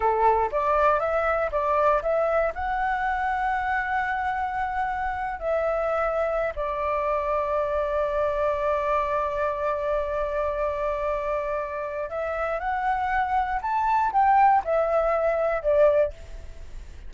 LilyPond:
\new Staff \with { instrumentName = "flute" } { \time 4/4 \tempo 4 = 119 a'4 d''4 e''4 d''4 | e''4 fis''2.~ | fis''2~ fis''8. e''4~ e''16~ | e''4 d''2.~ |
d''1~ | d''1 | e''4 fis''2 a''4 | g''4 e''2 d''4 | }